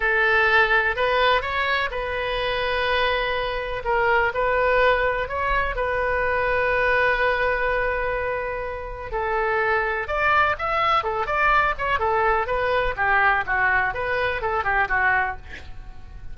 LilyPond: \new Staff \with { instrumentName = "oboe" } { \time 4/4 \tempo 4 = 125 a'2 b'4 cis''4 | b'1 | ais'4 b'2 cis''4 | b'1~ |
b'2. a'4~ | a'4 d''4 e''4 a'8 d''8~ | d''8 cis''8 a'4 b'4 g'4 | fis'4 b'4 a'8 g'8 fis'4 | }